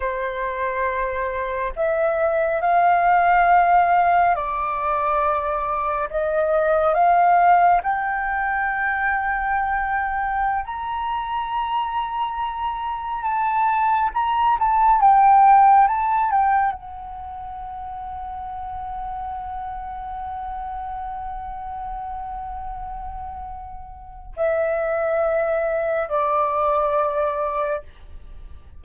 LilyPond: \new Staff \with { instrumentName = "flute" } { \time 4/4 \tempo 4 = 69 c''2 e''4 f''4~ | f''4 d''2 dis''4 | f''4 g''2.~ | g''16 ais''2. a''8.~ |
a''16 ais''8 a''8 g''4 a''8 g''8 fis''8.~ | fis''1~ | fis''1 | e''2 d''2 | }